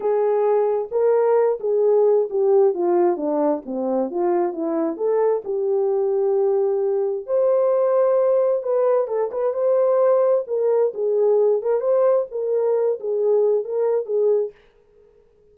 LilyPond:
\new Staff \with { instrumentName = "horn" } { \time 4/4 \tempo 4 = 132 gis'2 ais'4. gis'8~ | gis'4 g'4 f'4 d'4 | c'4 f'4 e'4 a'4 | g'1 |
c''2. b'4 | a'8 b'8 c''2 ais'4 | gis'4. ais'8 c''4 ais'4~ | ais'8 gis'4. ais'4 gis'4 | }